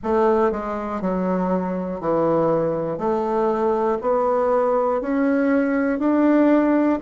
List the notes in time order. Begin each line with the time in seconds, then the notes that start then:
0.03 A3
0.51 G#3
1.00 F#3
2.00 E3
2.98 A3
4.01 B3
5.01 C#4
5.99 D4